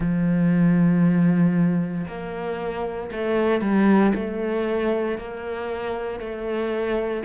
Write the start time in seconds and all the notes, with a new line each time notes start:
0.00 F3
2.07 A#3
3.11 A3
3.61 G3
4.14 A3
5.17 A#3
6.19 A3